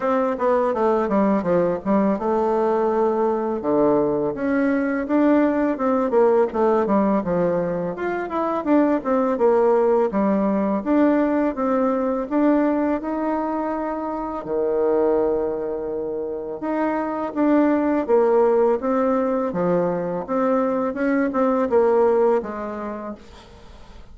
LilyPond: \new Staff \with { instrumentName = "bassoon" } { \time 4/4 \tempo 4 = 83 c'8 b8 a8 g8 f8 g8 a4~ | a4 d4 cis'4 d'4 | c'8 ais8 a8 g8 f4 f'8 e'8 | d'8 c'8 ais4 g4 d'4 |
c'4 d'4 dis'2 | dis2. dis'4 | d'4 ais4 c'4 f4 | c'4 cis'8 c'8 ais4 gis4 | }